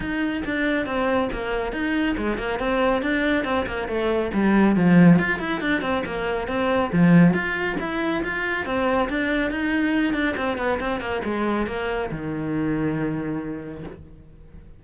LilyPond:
\new Staff \with { instrumentName = "cello" } { \time 4/4 \tempo 4 = 139 dis'4 d'4 c'4 ais4 | dis'4 gis8 ais8 c'4 d'4 | c'8 ais8 a4 g4 f4 | f'8 e'8 d'8 c'8 ais4 c'4 |
f4 f'4 e'4 f'4 | c'4 d'4 dis'4. d'8 | c'8 b8 c'8 ais8 gis4 ais4 | dis1 | }